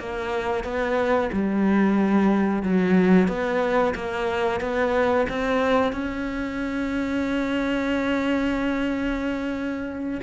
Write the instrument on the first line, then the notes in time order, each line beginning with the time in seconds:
cello
0.00 A#3
0.64 B3
1.33 G3
2.63 F#3
3.28 B3
3.95 A#3
4.61 B3
5.30 C4
5.93 C#4